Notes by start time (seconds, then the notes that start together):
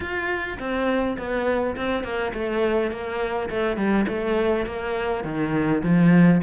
0.00 F4
0.59 C4
1.18 B3
1.76 C4
2.03 A#3
2.33 A3
2.91 A#3
3.50 A3
3.76 G3
4.08 A3
4.65 A#3
5.24 D#3
5.83 F3